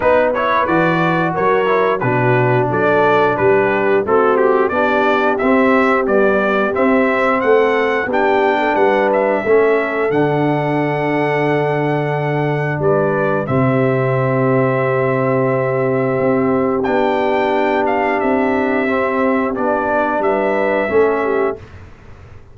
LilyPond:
<<
  \new Staff \with { instrumentName = "trumpet" } { \time 4/4 \tempo 4 = 89 b'8 cis''8 d''4 cis''4 b'4 | d''4 b'4 a'8 g'8 d''4 | e''4 d''4 e''4 fis''4 | g''4 fis''8 e''4. fis''4~ |
fis''2. d''4 | e''1~ | e''4 g''4. f''8 e''4~ | e''4 d''4 e''2 | }
  \new Staff \with { instrumentName = "horn" } { \time 4/4 b'2 ais'4 fis'4 | a'4 g'4 fis'4 g'4~ | g'2. a'4 | g'8. a'16 b'4 a'2~ |
a'2. b'4 | g'1~ | g'1~ | g'2 b'4 a'8 g'8 | }
  \new Staff \with { instrumentName = "trombone" } { \time 4/4 dis'8 e'8 fis'4. e'8 d'4~ | d'2 c'4 d'4 | c'4 g4 c'2 | d'2 cis'4 d'4~ |
d'1 | c'1~ | c'4 d'2. | c'4 d'2 cis'4 | }
  \new Staff \with { instrumentName = "tuba" } { \time 4/4 b4 e4 fis4 b,4 | fis4 g4 a4 b4 | c'4 b4 c'4 a4 | b4 g4 a4 d4~ |
d2. g4 | c1 | c'4 b2 c'4~ | c'4 b4 g4 a4 | }
>>